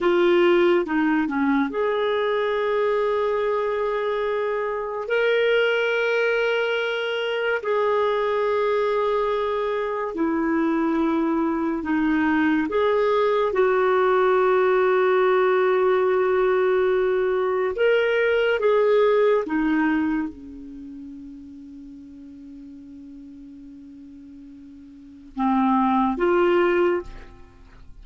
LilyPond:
\new Staff \with { instrumentName = "clarinet" } { \time 4/4 \tempo 4 = 71 f'4 dis'8 cis'8 gis'2~ | gis'2 ais'2~ | ais'4 gis'2. | e'2 dis'4 gis'4 |
fis'1~ | fis'4 ais'4 gis'4 dis'4 | cis'1~ | cis'2 c'4 f'4 | }